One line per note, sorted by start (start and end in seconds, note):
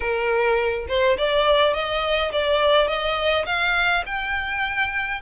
0.00 0.86 A#4
0.88 1.17 C5
1.17 1.73 D5
1.73 2.31 D#5
2.32 2.87 D5
2.87 3.45 D#5
3.46 4.03 F5
4.05 5.21 G5